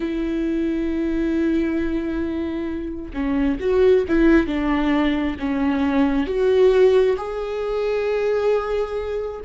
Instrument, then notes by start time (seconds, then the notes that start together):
viola
0.00 E4
3.13 C#4
3.59 F#4
4.08 E4
4.46 D4
5.39 C#4
6.26 F#4
7.17 G#4